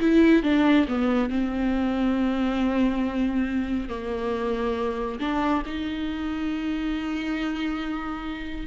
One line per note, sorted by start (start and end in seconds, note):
0.00 0.43 E4
0.43 0.87 D4
0.88 1.30 B3
1.30 3.89 C4
3.89 5.19 A#3
5.20 5.63 D4
5.66 8.67 D#4